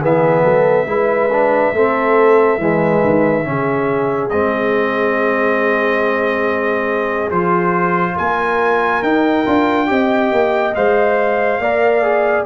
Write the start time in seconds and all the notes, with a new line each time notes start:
0.00 E3 B3 G#4 E5
0.44 F#3 A4
0.86 G#3 E4 B4
1.32 D4
1.73 A3 C4 A4
2.58 E3 G#3 B4
3.04 D#3
3.44 C#3 C#4 G#4
4.30 G#3 C4 D#5
7.31 F3 F4 C5
8.16 A#3 A#4 G#5
9.02 D#4 G5
9.46 D4 F4
9.87 C4 G4 D#5
10.32 A#3
10.75 G#3 C5 F5
11.59 A#3 A#4 D5
12.03 G#4